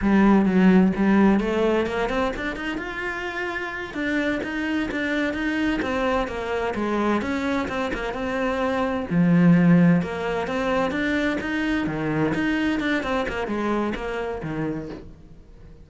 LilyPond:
\new Staff \with { instrumentName = "cello" } { \time 4/4 \tempo 4 = 129 g4 fis4 g4 a4 | ais8 c'8 d'8 dis'8 f'2~ | f'8 d'4 dis'4 d'4 dis'8~ | dis'8 c'4 ais4 gis4 cis'8~ |
cis'8 c'8 ais8 c'2 f8~ | f4. ais4 c'4 d'8~ | d'8 dis'4 dis4 dis'4 d'8 | c'8 ais8 gis4 ais4 dis4 | }